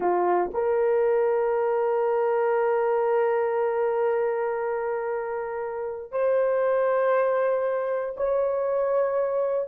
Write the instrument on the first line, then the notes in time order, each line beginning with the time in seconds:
horn
0.00 F4
0.53 A#4
6.11 C5
8.16 C#5